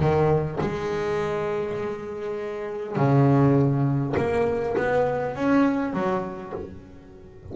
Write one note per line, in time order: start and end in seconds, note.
0.00 0.59 D#3
0.61 2.97 G#3
2.97 4.16 C#3
4.17 4.77 A#3
4.77 5.36 B3
5.36 5.94 C#4
5.94 6.53 F#3